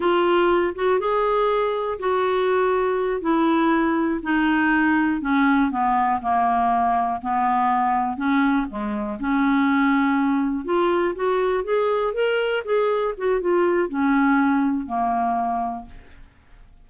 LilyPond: \new Staff \with { instrumentName = "clarinet" } { \time 4/4 \tempo 4 = 121 f'4. fis'8 gis'2 | fis'2~ fis'8 e'4.~ | e'8 dis'2 cis'4 b8~ | b8 ais2 b4.~ |
b8 cis'4 gis4 cis'4.~ | cis'4. f'4 fis'4 gis'8~ | gis'8 ais'4 gis'4 fis'8 f'4 | cis'2 ais2 | }